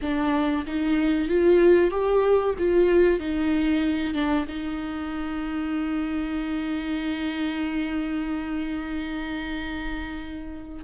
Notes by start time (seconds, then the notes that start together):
0.01 D4
0.66 D#4
1.28 F4
1.90 G4
2.58 F4
3.19 D#4
4.13 D4
4.48 D#4